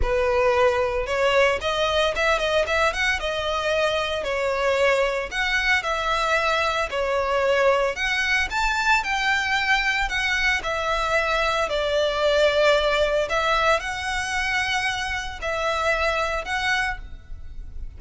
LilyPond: \new Staff \with { instrumentName = "violin" } { \time 4/4 \tempo 4 = 113 b'2 cis''4 dis''4 | e''8 dis''8 e''8 fis''8 dis''2 | cis''2 fis''4 e''4~ | e''4 cis''2 fis''4 |
a''4 g''2 fis''4 | e''2 d''2~ | d''4 e''4 fis''2~ | fis''4 e''2 fis''4 | }